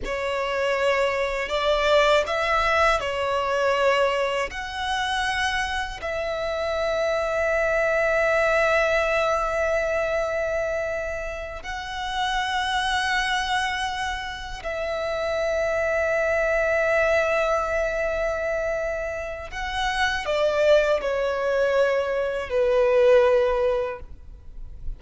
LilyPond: \new Staff \with { instrumentName = "violin" } { \time 4/4 \tempo 4 = 80 cis''2 d''4 e''4 | cis''2 fis''2 | e''1~ | e''2.~ e''8 fis''8~ |
fis''2.~ fis''8 e''8~ | e''1~ | e''2 fis''4 d''4 | cis''2 b'2 | }